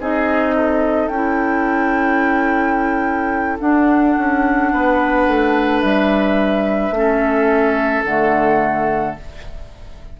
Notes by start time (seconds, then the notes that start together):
0.00 C4 D#4 G#4 D#5
0.56 A4
1.08 C#4 E4 G5
3.59 D4 F#5
4.17 C#4
4.72 B3 B4
5.27 A3
5.81 G3 E5
6.91 A3 C#4
6.98 A4
8.04 D3 A3 F#5